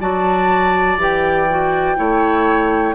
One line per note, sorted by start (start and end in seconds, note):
0.00 0.97 F#3
0.00 0.98 F#4
0.00 1.97 D5
0.00 0.99 A5
0.97 1.95 E3
0.97 1.47 G4
0.97 2.95 G5
1.49 1.96 F#4
1.96 2.95 A3
1.96 2.94 E4
1.96 2.95 C#5